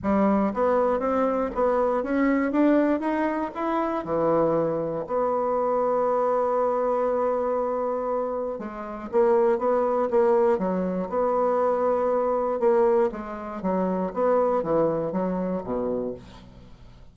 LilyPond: \new Staff \with { instrumentName = "bassoon" } { \time 4/4 \tempo 4 = 119 g4 b4 c'4 b4 | cis'4 d'4 dis'4 e'4 | e2 b2~ | b1~ |
b4 gis4 ais4 b4 | ais4 fis4 b2~ | b4 ais4 gis4 fis4 | b4 e4 fis4 b,4 | }